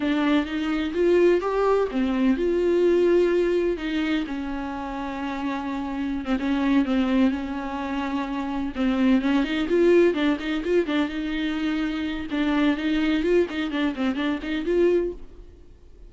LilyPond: \new Staff \with { instrumentName = "viola" } { \time 4/4 \tempo 4 = 127 d'4 dis'4 f'4 g'4 | c'4 f'2. | dis'4 cis'2.~ | cis'4~ cis'16 c'16 cis'4 c'4 cis'8~ |
cis'2~ cis'8 c'4 cis'8 | dis'8 f'4 d'8 dis'8 f'8 d'8 dis'8~ | dis'2 d'4 dis'4 | f'8 dis'8 d'8 c'8 d'8 dis'8 f'4 | }